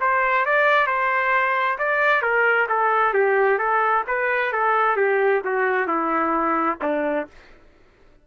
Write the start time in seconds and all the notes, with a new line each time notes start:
0.00 C5
0.45 D5
0.87 C5
1.78 D5
2.21 A#4
2.69 A4
3.13 G4
3.58 A4
4.07 B4
4.52 A4
4.96 G4
5.44 F#4
5.87 E4
6.81 D4